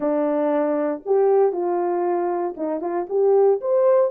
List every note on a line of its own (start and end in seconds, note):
0.00 1.02 D4
1.05 1.52 G4
1.52 2.55 F4
2.56 2.80 D#4
2.80 3.06 F4
3.09 3.60 G4
3.60 4.11 C5